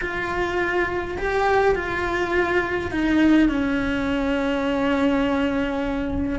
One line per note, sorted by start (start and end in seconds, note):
0.01 1.17 F4
1.18 1.75 G4
1.75 2.91 F4
2.91 3.48 D#4
3.48 6.39 C#4